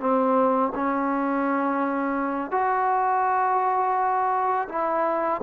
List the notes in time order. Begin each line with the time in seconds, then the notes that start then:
0.00 C4
0.75 C#4
2.51 F#4
4.69 E4